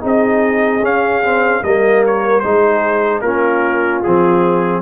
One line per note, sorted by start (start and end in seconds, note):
0.00 0.82 C4
0.00 0.80 D#4
0.00 1.62 G#4
0.00 0.85 D#5
0.82 1.62 C#4
0.82 1.22 C#4
0.82 1.63 F5
1.23 1.63 C4
1.62 2.42 G3
1.62 2.43 A#3
1.62 2.43 A#4
1.62 2.03 D#5
2.06 2.40 C#5
2.40 3.21 G#3
2.40 3.23 D#4
2.40 3.21 G#4
2.40 3.20 C5
3.21 4.01 A#3
3.21 4.04 C#4
3.21 4.81 F4
3.21 4.01 A#4
4.03 4.81 F3
4.03 4.81 C4
4.03 4.81 G#4